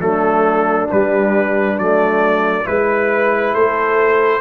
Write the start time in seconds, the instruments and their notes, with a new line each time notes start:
0.00 tuba F#3, trombone A3, horn D4, trumpet A4
0.91 trombone G3, tuba G3, trumpet B4
1.78 tuba F#3, trombone A3, trumpet D5
2.65 tuba G#3, trombone E4, trumpet B4, horn B4
3.53 tuba A3, horn A4, trumpet C5